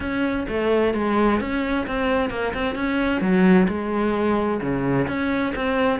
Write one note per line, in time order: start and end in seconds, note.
0.00 0.46 C#4
0.48 0.94 A3
0.94 1.40 G#3
1.40 1.86 C#4
1.86 2.30 C4
2.30 2.53 A#3
2.53 2.75 C4
2.75 3.21 C#4
3.21 3.67 F#3
3.68 4.60 G#3
4.61 5.07 C#3
5.07 5.53 C#4
5.55 5.99 C4